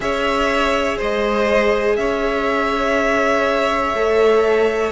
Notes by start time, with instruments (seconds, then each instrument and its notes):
0.00 cello C#4, viola G#4, violin C#5 E5
0.97 cello G#3, violin C5 D#5
1.96 cello C#4, violin C#5 E5
3.93 cello A3, viola A4